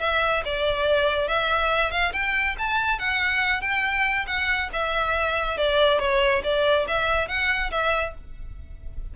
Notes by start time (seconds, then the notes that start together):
0.00 E5
0.45 D5
1.28 E5
1.91 F5
2.13 G5
2.59 A5
2.99 F#5
3.61 G5
4.27 F#5
4.73 E5
5.58 D5
5.99 C#5
6.43 D5
6.87 E5
7.28 F#5
7.71 E5